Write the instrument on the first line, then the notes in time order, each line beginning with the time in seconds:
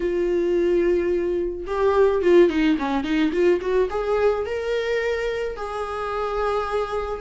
viola
0.00 F4
1.66 G4
2.21 F4
2.49 D#4
2.79 C#4
3.04 D#4
3.32 F4
3.61 F#4
3.90 G#4
4.45 A#4
5.56 G#4